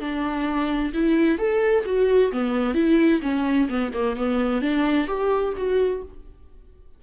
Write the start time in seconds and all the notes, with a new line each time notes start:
0.00 D4
0.94 E4
1.38 A4
1.85 F#4
2.32 B3
2.74 E4
3.22 C#4
3.69 B3
3.93 A#3
4.16 B3
4.62 D4
5.07 G4
5.56 F#4